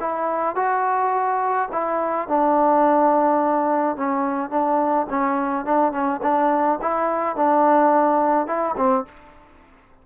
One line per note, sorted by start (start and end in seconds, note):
0.00 0.56 E4
0.56 1.69 F#4
1.72 2.28 E4
2.28 3.96 D4
3.96 4.50 C#4
4.50 5.07 D4
5.10 5.65 C#4
5.65 5.92 D4
5.92 6.20 C#4
6.23 6.79 D4
6.82 7.36 E4
7.36 8.47 D4
8.47 8.75 E4
8.77 9.05 C4